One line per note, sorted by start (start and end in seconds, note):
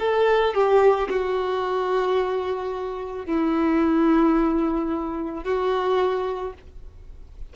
0.00 0.55 A4
0.55 1.09 G4
1.10 3.26 F#4
3.26 5.44 E4
5.44 6.54 F#4